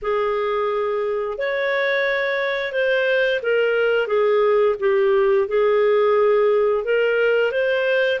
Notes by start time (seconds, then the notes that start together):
0.02 G#4
1.38 C#5
2.72 C5
3.42 A#4
4.07 G#4
4.79 G4
5.47 G#4
6.84 A#4
7.51 C5